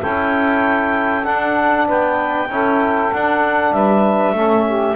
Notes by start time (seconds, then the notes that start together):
0.00 C#4 E4 A4 G5
1.24 D4 F#5
1.87 B3 B4 G5
2.49 C#4 E4 A4
3.12 D4 F#5
3.71 G3 B4 E5
4.32 A3 C#4 A4
4.66 G4